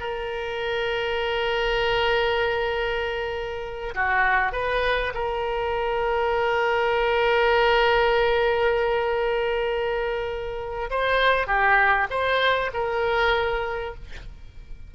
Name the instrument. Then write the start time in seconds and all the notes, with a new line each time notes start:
oboe
0.00 A#4
3.94 F#4
4.52 B4
5.14 A#4
10.90 C5
11.47 G4
12.10 C5
12.73 A#4